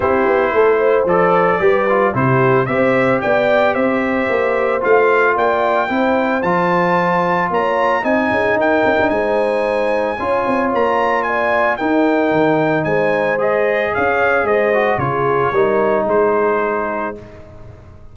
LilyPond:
<<
  \new Staff \with { instrumentName = "trumpet" } { \time 4/4 \tempo 4 = 112 c''2 d''2 | c''4 e''4 g''4 e''4~ | e''4 f''4 g''2 | a''2 ais''4 gis''4 |
g''4 gis''2. | ais''4 gis''4 g''2 | gis''4 dis''4 f''4 dis''4 | cis''2 c''2 | }
  \new Staff \with { instrumentName = "horn" } { \time 4/4 g'4 a'8 c''4. b'4 | g'4 c''4 d''4 c''4~ | c''2 d''4 c''4~ | c''2 cis''4 dis''8 gis'8 |
ais'4 c''2 cis''4~ | cis''4 d''4 ais'2 | c''2 cis''4 c''4 | gis'4 ais'4 gis'2 | }
  \new Staff \with { instrumentName = "trombone" } { \time 4/4 e'2 a'4 g'8 f'8 | e'4 g'2.~ | g'4 f'2 e'4 | f'2. dis'4~ |
dis'2. f'4~ | f'2 dis'2~ | dis'4 gis'2~ gis'8 fis'8 | f'4 dis'2. | }
  \new Staff \with { instrumentName = "tuba" } { \time 4/4 c'8 b8 a4 f4 g4 | c4 c'4 b4 c'4 | ais4 a4 ais4 c'4 | f2 ais4 c'8 cis'8 |
dis'8 cis'16 d'16 gis2 cis'8 c'8 | ais2 dis'4 dis4 | gis2 cis'4 gis4 | cis4 g4 gis2 | }
>>